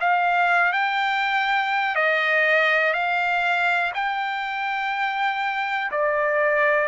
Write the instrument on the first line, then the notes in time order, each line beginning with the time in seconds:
trumpet
0.00 F5
0.72 G5
1.95 D#5
2.94 F5
3.94 G5
5.92 D5